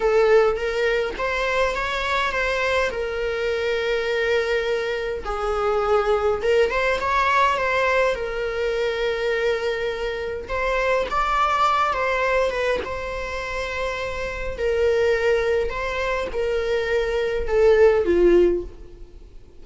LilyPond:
\new Staff \with { instrumentName = "viola" } { \time 4/4 \tempo 4 = 103 a'4 ais'4 c''4 cis''4 | c''4 ais'2.~ | ais'4 gis'2 ais'8 c''8 | cis''4 c''4 ais'2~ |
ais'2 c''4 d''4~ | d''8 c''4 b'8 c''2~ | c''4 ais'2 c''4 | ais'2 a'4 f'4 | }